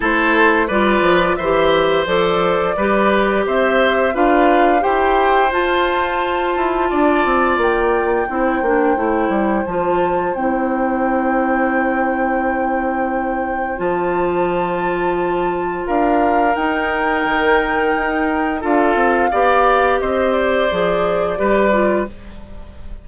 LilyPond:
<<
  \new Staff \with { instrumentName = "flute" } { \time 4/4 \tempo 4 = 87 c''4 d''4 e''4 d''4~ | d''4 e''4 f''4 g''4 | a''2. g''4~ | g''2 a''4 g''4~ |
g''1 | a''2. f''4 | g''2. f''4~ | f''4 dis''8 d''2~ d''8 | }
  \new Staff \with { instrumentName = "oboe" } { \time 4/4 a'4 b'4 c''2 | b'4 c''4 b'4 c''4~ | c''2 d''2 | c''1~ |
c''1~ | c''2. ais'4~ | ais'2. a'4 | d''4 c''2 b'4 | }
  \new Staff \with { instrumentName = "clarinet" } { \time 4/4 e'4 f'4 g'4 a'4 | g'2 f'4 g'4 | f'1 | e'8 d'8 e'4 f'4 e'4~ |
e'1 | f'1 | dis'2. f'4 | g'2 gis'4 g'8 f'8 | }
  \new Staff \with { instrumentName = "bassoon" } { \time 4/4 a4 g8 f8 e4 f4 | g4 c'4 d'4 e'4 | f'4. e'8 d'8 c'8 ais4 | c'8 ais8 a8 g8 f4 c'4~ |
c'1 | f2. d'4 | dis'4 dis4 dis'4 d'8 c'8 | b4 c'4 f4 g4 | }
>>